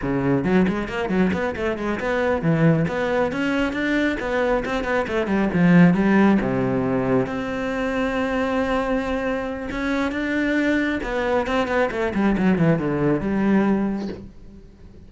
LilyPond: \new Staff \with { instrumentName = "cello" } { \time 4/4 \tempo 4 = 136 cis4 fis8 gis8 ais8 fis8 b8 a8 | gis8 b4 e4 b4 cis'8~ | cis'8 d'4 b4 c'8 b8 a8 | g8 f4 g4 c4.~ |
c8 c'2.~ c'8~ | c'2 cis'4 d'4~ | d'4 b4 c'8 b8 a8 g8 | fis8 e8 d4 g2 | }